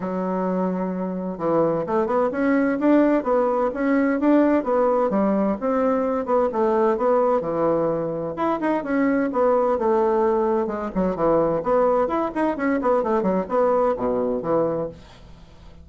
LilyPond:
\new Staff \with { instrumentName = "bassoon" } { \time 4/4 \tempo 4 = 129 fis2. e4 | a8 b8 cis'4 d'4 b4 | cis'4 d'4 b4 g4 | c'4. b8 a4 b4 |
e2 e'8 dis'8 cis'4 | b4 a2 gis8 fis8 | e4 b4 e'8 dis'8 cis'8 b8 | a8 fis8 b4 b,4 e4 | }